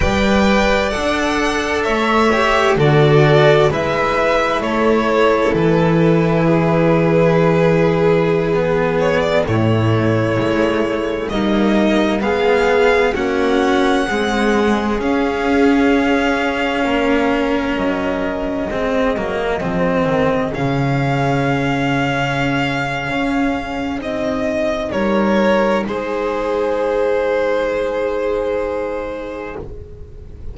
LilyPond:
<<
  \new Staff \with { instrumentName = "violin" } { \time 4/4 \tempo 4 = 65 g''4 fis''4 e''4 d''4 | e''4 cis''4 b'2~ | b'4.~ b'16 cis''16 d''16 cis''4.~ cis''16~ | cis''16 dis''4 f''4 fis''4.~ fis''16~ |
fis''16 f''2. dis''8.~ | dis''2~ dis''16 f''4.~ f''16~ | f''2 dis''4 cis''4 | c''1 | }
  \new Staff \with { instrumentName = "violin" } { \time 4/4 d''2 cis''4 a'4 | b'4 a'2 gis'4~ | gis'2~ gis'16 e'4.~ e'16~ | e'16 dis'4 gis'4 fis'4 gis'8.~ |
gis'2~ gis'16 ais'4.~ ais'16~ | ais'16 gis'2.~ gis'8.~ | gis'2. ais'4 | gis'1 | }
  \new Staff \with { instrumentName = "cello" } { \time 4/4 b'4 a'4. g'8 fis'4 | e'1~ | e'4~ e'16 b4 a4.~ a16~ | a16 ais4 b4 cis'4 gis8.~ |
gis16 cis'2.~ cis'8.~ | cis'16 c'8 ais8 c'4 cis'4.~ cis'16~ | cis'2 dis'2~ | dis'1 | }
  \new Staff \with { instrumentName = "double bass" } { \time 4/4 g4 d'4 a4 d4 | gis4 a4 e2~ | e2~ e16 a,4 gis8.~ | gis16 g4 gis4 ais4 c'8.~ |
c'16 cis'2 ais4 fis8.~ | fis16 gis8 fis8 f8 dis8 cis4.~ cis16~ | cis4 cis'4 c'4 g4 | gis1 | }
>>